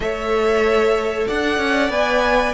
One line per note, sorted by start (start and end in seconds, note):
0.00 1.26 A3
0.00 1.92 A4
0.00 1.27 C#5
0.00 1.27 E5
1.27 1.58 D4
1.27 2.53 D5
1.27 1.91 F#5
1.58 1.89 C#4
1.89 2.53 B3
1.89 2.53 B4
1.89 2.53 G#5